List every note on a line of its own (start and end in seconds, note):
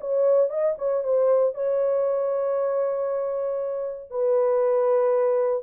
0.00 0.49 C#5
0.49 0.75 D#5
0.78 1.03 C#5
1.03 1.54 C5
1.54 4.10 C#5
4.10 5.63 B4